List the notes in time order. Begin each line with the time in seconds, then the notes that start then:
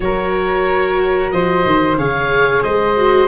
0.00 F#3 F#4 A#4 C#5
1.31 F3 C5 D#5
1.65 D#3
1.96 C#3 G#4 C#5 F5
2.63 G#3 C5 D#5
2.96 F#4